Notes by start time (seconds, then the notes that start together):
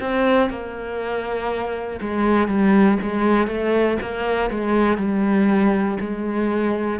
0.00 C4
0.50 A#3
2.01 G#3
2.48 G3
3.02 G#3
3.48 A3
4.01 A#3
4.50 G#3
4.97 G3
6.00 G#3